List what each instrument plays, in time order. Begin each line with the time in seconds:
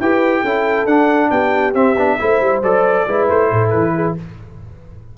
0.00 tuba E4, trombone G4, horn B4, trumpet G5
0.42 tuba C#4, trombone E4, horn A4
0.86 tuba D4, trombone D4, trumpet F#5
1.30 tuba B3, horn G4, trumpet G5
1.74 tuba C4, trombone C4, trumpet E5
1.95 tuba B3, trombone D4
2.19 tuba A3, trombone E4, horn C5
2.41 tuba G3
2.62 tuba F#3, trombone A4, trumpet D5
3.07 tuba G#3, trombone E4, horn B4
3.29 tuba A3, trumpet C5
3.51 tuba A2, horn A4
3.70 tuba E3, trumpet B4
3.94 horn G#4